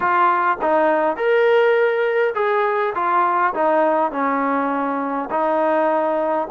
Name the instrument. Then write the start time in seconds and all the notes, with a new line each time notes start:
trombone
0.00 F4
0.61 D#4
1.16 A#4
2.34 G#4
2.94 F4
3.54 D#4
4.11 C#4
5.30 D#4